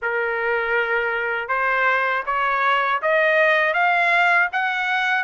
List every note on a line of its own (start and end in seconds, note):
0.01 1.48 A#4
1.48 2.23 C5
2.26 3.01 C#5
3.02 3.73 D#5
3.73 4.48 F5
4.52 5.24 F#5